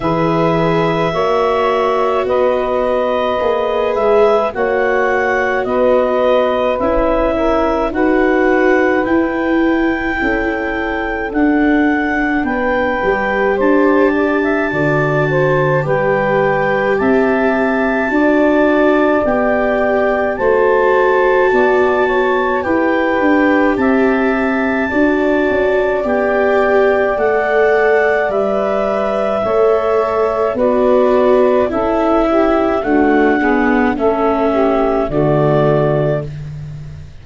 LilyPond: <<
  \new Staff \with { instrumentName = "clarinet" } { \time 4/4 \tempo 4 = 53 e''2 dis''4. e''8 | fis''4 dis''4 e''4 fis''4 | g''2 fis''4 g''4 | a''2 g''4 a''4~ |
a''4 g''4 a''2 | g''4 a''2 g''4 | fis''4 e''2 d''4 | e''4 fis''4 e''4 d''4 | }
  \new Staff \with { instrumentName = "saxophone" } { \time 4/4 b'4 cis''4 b'2 | cis''4 b'4. ais'8 b'4~ | b'4 a'2 b'4 | c''8 d''16 e''16 d''8 c''8 b'4 e''4 |
d''2 c''4 d''8 cis''8 | b'4 e''4 d''2~ | d''2 cis''4 b'4 | a'8 g'8 fis'8 gis'8 a'8 g'8 fis'4 | }
  \new Staff \with { instrumentName = "viola" } { \time 4/4 gis'4 fis'2 gis'4 | fis'2 e'4 fis'4 | e'2 d'4. g'8~ | g'4 fis'4 g'2 |
fis'4 g'4 fis'2 | g'2 fis'4 g'4 | a'4 b'4 a'4 fis'4 | e'4 a8 b8 cis'4 a4 | }
  \new Staff \with { instrumentName = "tuba" } { \time 4/4 e4 ais4 b4 ais8 gis8 | ais4 b4 cis'4 dis'4 | e'4 cis'4 d'4 b8 g8 | d'4 d4 g4 c'4 |
d'4 b4 a4 b4 | e'8 d'8 c'4 d'8 cis'8 b4 | a4 g4 a4 b4 | cis'4 d'4 a4 d4 | }
>>